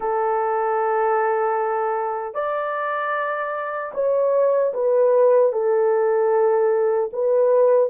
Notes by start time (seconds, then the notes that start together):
0.00 A4
2.34 D5
3.94 C#5
4.73 B4
5.52 A4
7.12 B4